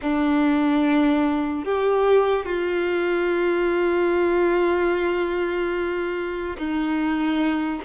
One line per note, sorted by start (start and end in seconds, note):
0.01 1.64 D4
1.64 2.45 G4
2.45 6.56 F4
6.58 7.81 D#4